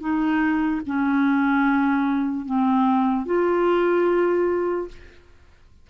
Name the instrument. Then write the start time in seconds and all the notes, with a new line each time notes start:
clarinet
0.00 D#4
0.86 C#4
2.46 C4
3.26 F4